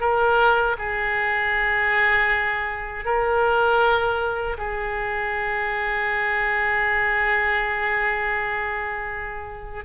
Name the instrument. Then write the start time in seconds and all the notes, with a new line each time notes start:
oboe
0.00 A#4
0.78 G#4
3.04 A#4
4.57 G#4